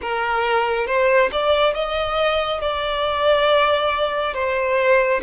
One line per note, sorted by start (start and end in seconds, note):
0.01 0.86 A#4
0.86 1.30 C5
1.32 1.74 D5
1.74 2.61 D#5
2.61 4.34 D5
4.34 5.21 C5